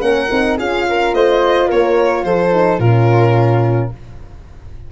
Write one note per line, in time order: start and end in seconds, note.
0.00 0.28 A#3
0.00 0.28 C#4
0.00 0.57 A#4
0.00 0.57 F#5
0.30 0.58 C4
0.30 0.58 D#4
0.57 1.13 C#4
0.57 2.52 F4
0.57 0.85 G#4
0.57 1.14 F5
0.89 1.15 A#4
1.13 1.69 A3
1.13 1.67 C5
1.13 1.69 D#5
1.67 2.23 A#3
1.67 2.23 A#4
1.67 2.24 C#5
2.23 2.78 F3
2.23 2.79 A4
2.23 2.79 C5
2.52 2.79 D#4
2.78 3.89 A#2
2.78 3.91 C#4
2.78 3.90 F4
2.78 3.90 A#4